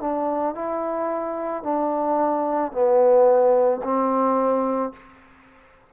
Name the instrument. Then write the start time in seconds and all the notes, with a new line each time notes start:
trombone
0.00 D4
0.55 E4
1.63 D4
2.72 B3
3.83 C4